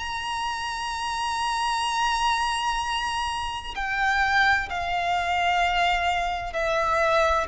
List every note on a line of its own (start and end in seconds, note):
0.00 3.75 A#5
3.75 4.69 G5
4.70 6.53 F5
6.53 7.47 E5